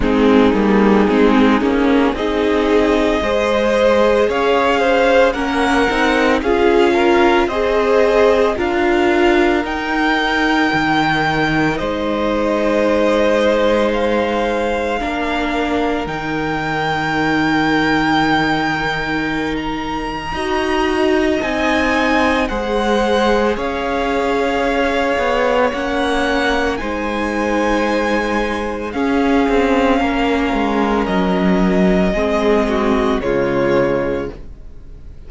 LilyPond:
<<
  \new Staff \with { instrumentName = "violin" } { \time 4/4 \tempo 4 = 56 gis'2 dis''2 | f''4 fis''4 f''4 dis''4 | f''4 g''2 dis''4~ | dis''4 f''2 g''4~ |
g''2~ g''16 ais''4.~ ais''16 | gis''4 fis''4 f''2 | fis''4 gis''2 f''4~ | f''4 dis''2 cis''4 | }
  \new Staff \with { instrumentName = "violin" } { \time 4/4 dis'2 gis'4 c''4 | cis''8 c''8 ais'4 gis'8 ais'8 c''4 | ais'2. c''4~ | c''2 ais'2~ |
ais'2. dis''4~ | dis''4 c''4 cis''2~ | cis''4 c''2 gis'4 | ais'2 gis'8 fis'8 f'4 | }
  \new Staff \with { instrumentName = "viola" } { \time 4/4 c'8 ais8 c'8 cis'8 dis'4 gis'4~ | gis'4 cis'8 dis'8 f'4 gis'4 | f'4 dis'2.~ | dis'2 d'4 dis'4~ |
dis'2. fis'4 | dis'4 gis'2. | cis'4 dis'2 cis'4~ | cis'2 c'4 gis4 | }
  \new Staff \with { instrumentName = "cello" } { \time 4/4 gis8 g8 gis8 ais8 c'4 gis4 | cis'4 ais8 c'8 cis'4 c'4 | d'4 dis'4 dis4 gis4~ | gis2 ais4 dis4~ |
dis2. dis'4 | c'4 gis4 cis'4. b8 | ais4 gis2 cis'8 c'8 | ais8 gis8 fis4 gis4 cis4 | }
>>